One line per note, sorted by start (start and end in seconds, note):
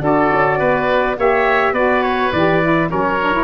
0.00 0.30 D4
0.00 1.15 F#4
0.00 0.59 A4
0.00 1.20 D5
0.32 0.61 C#4
0.59 1.17 B3
0.59 1.16 B4
1.17 1.72 A#3
1.17 1.75 G4
1.17 1.73 C#5
1.17 1.74 E5
1.72 2.30 B3
1.72 2.32 F#4
1.72 2.88 B4
1.72 2.03 D5
2.03 2.31 C#5
2.32 2.90 E3
2.32 2.62 G4
2.32 2.90 D5
2.62 2.90 E4
2.90 3.44 F#3
2.90 3.19 C#4
2.90 3.44 A#4
2.90 3.44 C#5
3.20 3.32 D4
3.32 3.44 E4